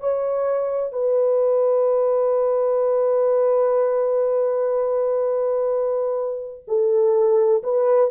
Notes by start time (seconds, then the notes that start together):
0.00 C#5
0.92 B4
6.68 A4
7.63 B4